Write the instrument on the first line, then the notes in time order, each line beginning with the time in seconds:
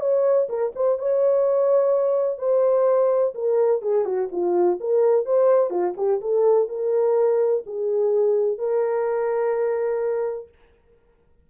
horn
0.00 C#5
0.49 A#4
0.75 C5
0.98 C#5
2.38 C5
3.34 A#4
3.82 G#4
4.05 F#4
4.32 F4
4.80 A#4
5.25 C5
5.70 F4
5.97 G4
6.21 A4
6.68 A#4
7.66 G#4
8.58 A#4